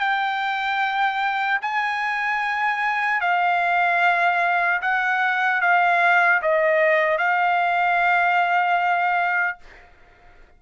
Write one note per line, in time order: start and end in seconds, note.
0.00 1.60 G5
1.62 3.21 G#5
3.21 4.81 F5
4.82 5.61 F#5
5.61 6.41 F5
6.43 7.18 D#5
7.18 9.58 F5